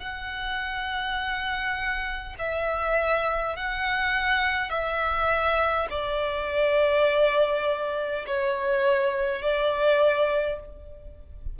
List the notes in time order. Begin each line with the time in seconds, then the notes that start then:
0.00 F#5
2.39 E5
3.57 F#5
4.70 E5
5.90 D5
8.27 C#5
9.42 D5